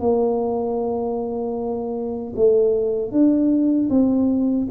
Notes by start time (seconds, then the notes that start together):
0.00 A#3
2.36 A3
3.12 D4
3.90 C4